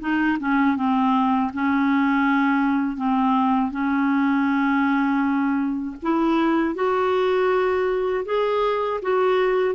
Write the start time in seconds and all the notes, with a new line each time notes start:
0.00 D#4
0.39 C#4
0.76 C4
1.53 C#4
2.97 C4
3.71 C#4
6.02 E4
6.74 F#4
8.25 G#4
9.02 F#4